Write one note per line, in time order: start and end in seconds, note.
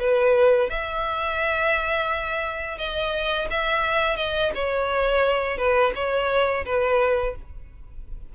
0.00 0.70 B4
0.70 2.78 E5
2.78 3.48 D#5
3.51 4.17 E5
4.17 4.52 D#5
4.55 5.58 C#5
5.58 5.93 B4
5.95 6.65 C#5
6.66 7.35 B4